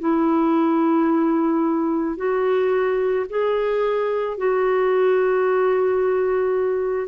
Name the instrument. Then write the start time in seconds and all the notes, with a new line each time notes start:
clarinet
0.00 E4
2.17 F#4
3.30 G#4
4.38 F#4